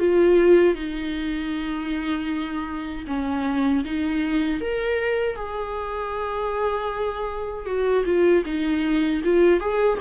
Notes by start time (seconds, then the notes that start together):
0.00 F4
0.75 D#4
3.07 C#4
3.85 D#4
4.61 A#4
5.36 G#4
7.66 F#4
8.06 F4
8.45 D#4
9.24 F4
9.60 G#4